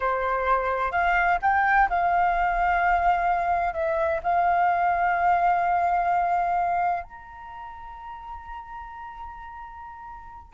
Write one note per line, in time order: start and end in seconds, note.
0.00 0.91 C5
0.91 1.38 F5
1.41 1.88 G5
1.89 3.73 F5
3.73 4.20 E5
4.23 7.03 F5
7.03 10.53 A#5